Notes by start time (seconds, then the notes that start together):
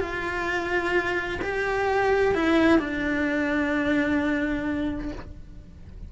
0.00 F4
1.41 G4
2.34 E4
2.79 D4